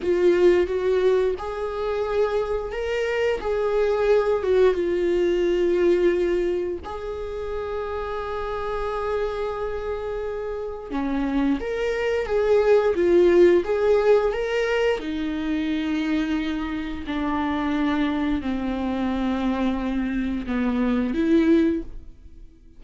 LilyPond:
\new Staff \with { instrumentName = "viola" } { \time 4/4 \tempo 4 = 88 f'4 fis'4 gis'2 | ais'4 gis'4. fis'8 f'4~ | f'2 gis'2~ | gis'1 |
cis'4 ais'4 gis'4 f'4 | gis'4 ais'4 dis'2~ | dis'4 d'2 c'4~ | c'2 b4 e'4 | }